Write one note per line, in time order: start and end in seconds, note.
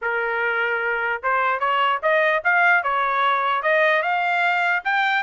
0.01 1.22 A#4
1.22 1.59 C5
1.59 2.00 C#5
2.02 2.42 D#5
2.44 2.83 F5
2.83 3.62 C#5
3.62 4.02 D#5
4.02 4.82 F5
4.84 5.23 G5